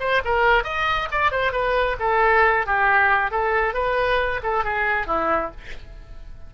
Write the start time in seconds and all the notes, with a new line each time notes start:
0.00 C5
0.25 A#4
0.64 D#5
1.12 D5
1.32 C5
1.53 B4
2.00 A4
2.66 G4
3.31 A4
3.74 B4
4.43 A4
4.64 G#4
5.07 E4